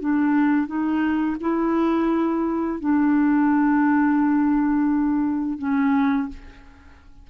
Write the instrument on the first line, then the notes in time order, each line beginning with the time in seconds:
clarinet
0.00 D4
0.67 D#4
1.41 E4
2.80 D4
5.59 C#4